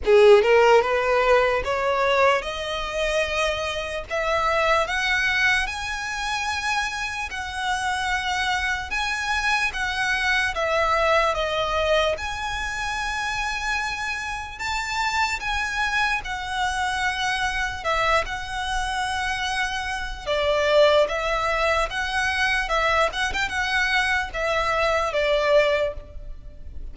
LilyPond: \new Staff \with { instrumentName = "violin" } { \time 4/4 \tempo 4 = 74 gis'8 ais'8 b'4 cis''4 dis''4~ | dis''4 e''4 fis''4 gis''4~ | gis''4 fis''2 gis''4 | fis''4 e''4 dis''4 gis''4~ |
gis''2 a''4 gis''4 | fis''2 e''8 fis''4.~ | fis''4 d''4 e''4 fis''4 | e''8 fis''16 g''16 fis''4 e''4 d''4 | }